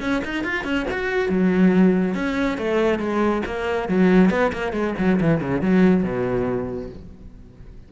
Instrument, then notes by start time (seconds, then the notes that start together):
cello
0.00 C#4
0.24 D#4
0.44 F4
0.64 C#4
0.91 F#4
1.29 F#3
2.14 C#4
2.57 A3
2.99 G#3
3.46 A#3
3.88 F#3
4.30 B3
4.52 A#3
4.72 G#3
4.98 F#3
5.21 E3
5.40 C#3
5.61 F#3
6.03 B2